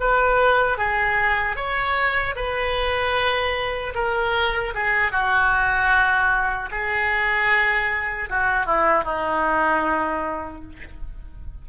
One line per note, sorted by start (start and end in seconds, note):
0.00 0.78 B4
0.78 1.56 G#4
1.56 2.35 C#5
2.36 3.94 B4
3.95 4.74 A#4
4.74 5.12 G#4
5.12 6.70 F#4
6.71 8.29 G#4
8.30 8.66 F#4
8.66 9.04 E4
9.04 10.62 D#4